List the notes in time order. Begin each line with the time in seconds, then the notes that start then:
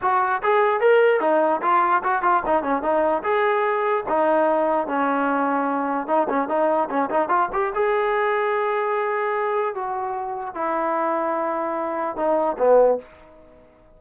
0.01 F#4
0.43 G#4
0.80 A#4
1.20 D#4
1.62 F4
2.03 F#4
2.22 F4
2.46 D#4
2.62 C#4
2.82 D#4
3.23 G#4
4.08 D#4
4.87 C#4
6.07 D#4
6.29 C#4
6.48 D#4
6.89 C#4
7.10 D#4
7.28 F4
7.52 G4
7.74 G#4
9.74 F#4
10.54 E4
12.16 D#4
12.58 B3